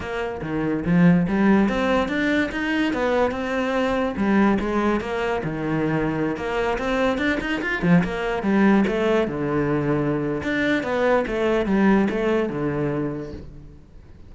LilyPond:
\new Staff \with { instrumentName = "cello" } { \time 4/4 \tempo 4 = 144 ais4 dis4 f4 g4 | c'4 d'4 dis'4 b4 | c'2 g4 gis4 | ais4 dis2~ dis16 ais8.~ |
ais16 c'4 d'8 dis'8 f'8 f8 ais8.~ | ais16 g4 a4 d4.~ d16~ | d4 d'4 b4 a4 | g4 a4 d2 | }